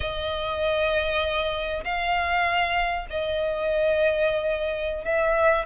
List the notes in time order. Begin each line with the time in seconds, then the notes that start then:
0.00 D#5
1.84 F5
3.10 D#5
5.05 E5